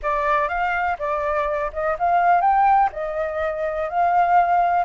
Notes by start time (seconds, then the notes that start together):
0.02 D5
0.48 F5
0.98 D5
1.72 D#5
1.98 F5
2.41 G5
2.92 D#5
3.89 F5